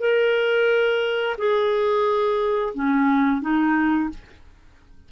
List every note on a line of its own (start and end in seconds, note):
0.00 1.36 A#4
1.38 2.74 G#4
2.74 3.41 C#4
3.41 4.09 D#4